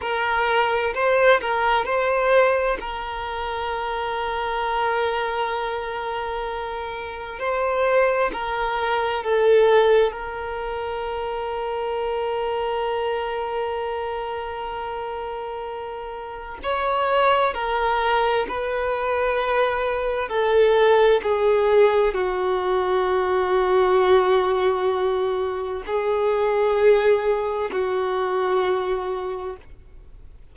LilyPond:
\new Staff \with { instrumentName = "violin" } { \time 4/4 \tempo 4 = 65 ais'4 c''8 ais'8 c''4 ais'4~ | ais'1 | c''4 ais'4 a'4 ais'4~ | ais'1~ |
ais'2 cis''4 ais'4 | b'2 a'4 gis'4 | fis'1 | gis'2 fis'2 | }